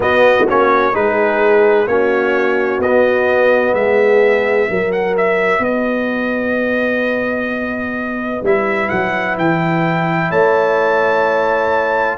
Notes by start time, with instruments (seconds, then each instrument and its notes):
0.00 tuba B3, trombone B3, horn F#4, trumpet D#5
0.47 tuba A#3, trombone C#4, trumpet C#5
0.93 tuba G#3, trombone D#4, horn G#4, trumpet B4
1.86 tuba A#3, trombone C#4, horn F#4, trumpet C#5
2.79 tuba B3, trombone B3, trumpet D#5
3.73 tuba G#3, trumpet E5
3.79 horn G#4
4.69 tuba F#3, trombone F#4, horn A#4
4.91 trumpet F#5
5.17 trumpet E5
5.59 tuba B3, horn B4, trumpet D#5
8.42 tuba G3, trombone E4, trumpet E5
8.89 tuba F#3, trumpet F#5
9.37 tuba E3, trumpet G5
10.29 tuba A3, horn C#5, trumpet A5